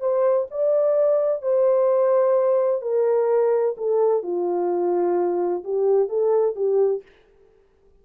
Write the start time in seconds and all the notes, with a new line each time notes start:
0.00 C5
0.51 D5
1.42 C5
2.81 A#4
3.77 A4
4.23 F4
5.64 G4
6.09 A4
6.56 G4